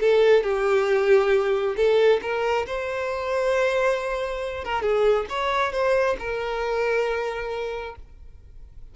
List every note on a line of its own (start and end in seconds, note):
0.00 0.43 A4
0.43 1.75 G4
1.76 2.20 A4
2.22 2.66 A#4
2.67 4.64 C5
4.64 4.82 A#4
4.82 5.26 G#4
5.29 5.72 C#5
5.72 6.16 C5
6.19 7.96 A#4